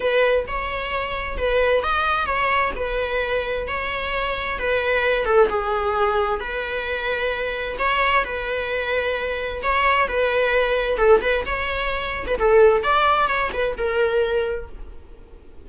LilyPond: \new Staff \with { instrumentName = "viola" } { \time 4/4 \tempo 4 = 131 b'4 cis''2 b'4 | dis''4 cis''4 b'2 | cis''2 b'4. a'8 | gis'2 b'2~ |
b'4 cis''4 b'2~ | b'4 cis''4 b'2 | a'8 b'8 cis''4.~ cis''16 b'16 a'4 | d''4 cis''8 b'8 ais'2 | }